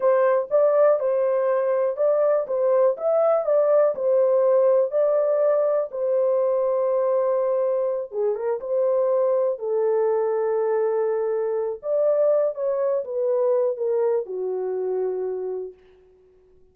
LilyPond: \new Staff \with { instrumentName = "horn" } { \time 4/4 \tempo 4 = 122 c''4 d''4 c''2 | d''4 c''4 e''4 d''4 | c''2 d''2 | c''1~ |
c''8 gis'8 ais'8 c''2 a'8~ | a'1 | d''4. cis''4 b'4. | ais'4 fis'2. | }